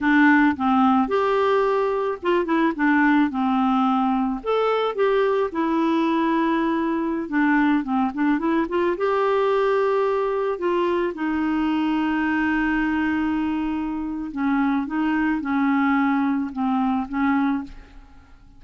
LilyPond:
\new Staff \with { instrumentName = "clarinet" } { \time 4/4 \tempo 4 = 109 d'4 c'4 g'2 | f'8 e'8 d'4 c'2 | a'4 g'4 e'2~ | e'4~ e'16 d'4 c'8 d'8 e'8 f'16~ |
f'16 g'2. f'8.~ | f'16 dis'2.~ dis'8.~ | dis'2 cis'4 dis'4 | cis'2 c'4 cis'4 | }